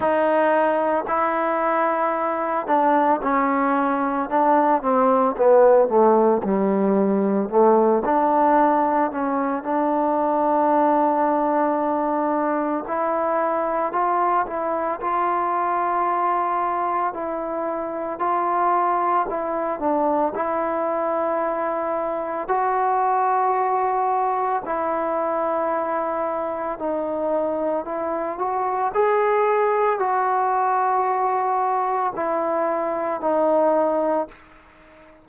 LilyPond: \new Staff \with { instrumentName = "trombone" } { \time 4/4 \tempo 4 = 56 dis'4 e'4. d'8 cis'4 | d'8 c'8 b8 a8 g4 a8 d'8~ | d'8 cis'8 d'2. | e'4 f'8 e'8 f'2 |
e'4 f'4 e'8 d'8 e'4~ | e'4 fis'2 e'4~ | e'4 dis'4 e'8 fis'8 gis'4 | fis'2 e'4 dis'4 | }